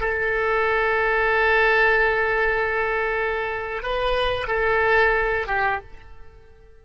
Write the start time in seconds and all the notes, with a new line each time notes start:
0.00 A4
3.82 B4
4.48 A4
5.47 G4